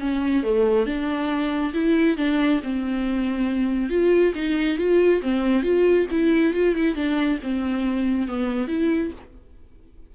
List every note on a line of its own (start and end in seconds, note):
0.00 0.43 C#4
0.43 0.86 A3
0.86 1.73 D4
1.74 2.17 E4
2.17 2.61 D4
2.63 3.90 C4
3.90 4.33 F4
4.35 4.78 D#4
4.78 5.22 F4
5.22 5.63 C4
5.63 6.07 F4
6.11 6.54 E4
6.54 6.75 F4
6.75 6.95 E4
6.95 7.39 D4
7.43 8.28 C4
8.28 8.68 B3
8.68 9.11 E4